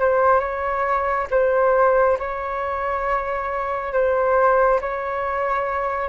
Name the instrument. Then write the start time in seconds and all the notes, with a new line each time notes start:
flute
0.00 C5
0.40 C#5
1.30 C5
2.19 C#5
3.93 C5
4.81 C#5